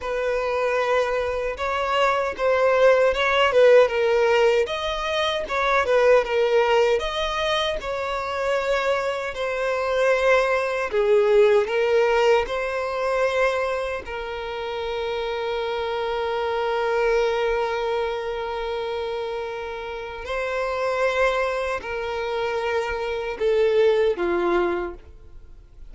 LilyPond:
\new Staff \with { instrumentName = "violin" } { \time 4/4 \tempo 4 = 77 b'2 cis''4 c''4 | cis''8 b'8 ais'4 dis''4 cis''8 b'8 | ais'4 dis''4 cis''2 | c''2 gis'4 ais'4 |
c''2 ais'2~ | ais'1~ | ais'2 c''2 | ais'2 a'4 f'4 | }